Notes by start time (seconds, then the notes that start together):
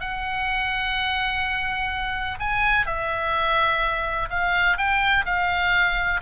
0.00 F#5
2.39 G#5
2.86 E5
4.29 F5
4.77 G5
5.25 F5